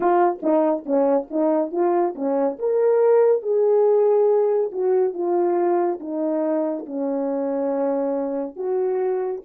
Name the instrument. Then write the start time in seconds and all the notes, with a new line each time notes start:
horn
0.00 F4
0.42 D#4
0.85 C#4
1.30 D#4
1.71 F4
2.15 C#4
2.58 A#4
3.42 G#4
4.71 F#4
5.13 F4
6.00 D#4
6.86 C#4
8.56 F#4